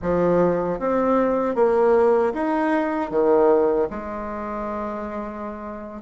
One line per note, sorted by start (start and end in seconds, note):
0.01 0.79 F3
0.79 1.55 C4
1.55 2.33 A#3
2.33 3.10 D#4
3.10 3.88 D#3
3.90 6.01 G#3